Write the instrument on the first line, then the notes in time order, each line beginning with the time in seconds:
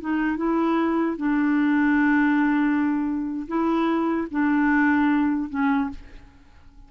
clarinet
0.00 D#4
0.37 E4
1.16 D4
3.47 E4
4.31 D4
5.49 C#4